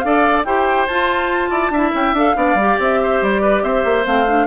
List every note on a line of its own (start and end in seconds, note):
0.00 0.46 D4
0.00 0.46 A4
0.00 0.47 D5
0.00 0.42 F5
0.46 0.88 E4
0.46 0.89 G4
0.46 1.51 C5
0.46 0.87 G5
0.87 1.51 F4
0.87 1.75 F4
0.87 1.93 A5
1.51 1.70 E4
1.51 1.72 D5
1.70 1.92 D4
1.70 2.17 E4
1.70 2.37 E5
1.95 2.13 C#4
1.95 2.17 G5
2.13 2.35 D4
2.13 2.37 A4
2.13 2.81 F5
2.37 2.55 B3
2.37 2.58 D4
2.37 3.01 D5
2.55 2.76 G3
2.55 4.05 G4
2.80 3.22 C4
2.80 3.24 E5
3.03 3.42 C5
3.22 3.63 G3
3.22 3.64 D5
3.42 3.63 B4
3.63 3.84 C4
3.63 4.47 C5
3.63 4.06 E5
3.85 4.06 A#3
4.05 4.47 A3
4.05 4.26 C4
4.05 4.47 F5
4.28 4.47 D4